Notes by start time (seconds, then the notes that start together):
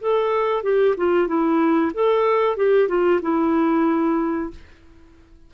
0.00 A4
0.63 G4
0.97 F4
1.27 E4
1.94 A4
2.56 G4
2.88 F4
3.21 E4